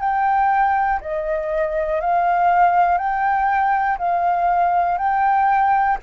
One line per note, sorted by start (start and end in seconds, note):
0.00 1.00 G5
1.01 2.00 D#5
2.00 2.98 F5
2.98 3.98 G5
3.98 4.98 F5
4.98 5.98 G5